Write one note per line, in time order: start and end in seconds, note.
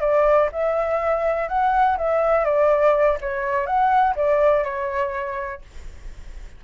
0.00 0.49 D5
0.52 1.48 E5
1.48 1.97 F#5
1.97 2.45 E5
2.45 3.18 D5
3.21 3.66 C#5
3.66 4.15 F#5
4.16 4.64 D5
4.64 5.61 C#5